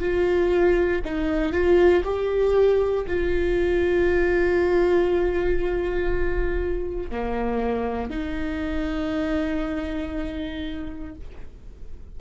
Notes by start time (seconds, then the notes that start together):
0.00 F4
1.04 D#4
1.53 F4
2.04 G4
3.07 F4
7.10 A#3
8.10 D#4